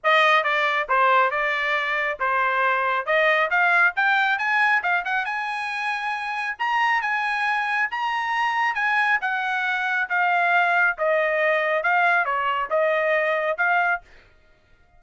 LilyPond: \new Staff \with { instrumentName = "trumpet" } { \time 4/4 \tempo 4 = 137 dis''4 d''4 c''4 d''4~ | d''4 c''2 dis''4 | f''4 g''4 gis''4 f''8 fis''8 | gis''2. ais''4 |
gis''2 ais''2 | gis''4 fis''2 f''4~ | f''4 dis''2 f''4 | cis''4 dis''2 f''4 | }